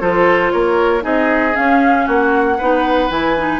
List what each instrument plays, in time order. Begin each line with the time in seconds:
0.00 bassoon F3, clarinet F4, oboe A4, flute C5
0.51 bassoon A#3, oboe A#4, flute C#5
1.00 bassoon C4, clarinet D#4, oboe G#4, flute D#5
1.52 clarinet C#4, bassoon C#4, flute F5
2.05 bassoon A#3, oboe F#4, flute F#5
2.58 bassoon B3, clarinet D#4, oboe B4
3.09 bassoon E3, clarinet E4, flute G#5
3.37 clarinet D#4